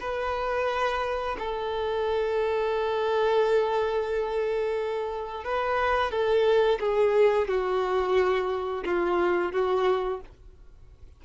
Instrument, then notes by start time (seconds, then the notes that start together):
violin
0.00 B4
1.38 A4
5.44 B4
6.11 A4
6.80 G#4
7.47 F#4
8.85 F4
9.52 F#4